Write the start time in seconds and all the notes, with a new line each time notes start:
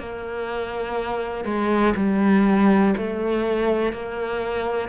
0.00 A#3
1.45 G#3
1.97 G3
2.97 A3
3.93 A#3